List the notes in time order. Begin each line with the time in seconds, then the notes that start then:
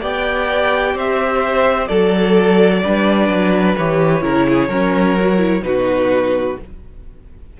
0.00 B3 G4 D5 G5
0.94 C4 C5 E5
1.87 F#3 A4 D5
2.83 G3 D4 B4
3.28 F#3
3.76 E3 G4 C#5
4.21 C#3 E4 A#4
4.48 G#4
4.68 F#3 C#4 A#4
5.20 F#4
5.38 E4
5.61 B2 D#4 F#4 B4